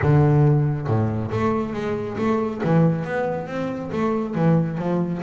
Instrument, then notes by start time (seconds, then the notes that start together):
double bass
0.02 D3
0.87 A2
1.31 A3
1.73 G#3
2.18 A3
2.64 E3
3.04 B3
3.47 C4
3.92 A3
4.34 E3
4.77 F3